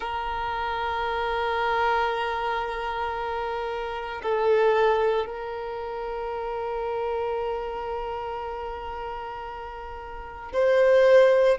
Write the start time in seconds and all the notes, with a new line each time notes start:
0.00 A#4
4.22 A4
5.26 A#4
10.53 C5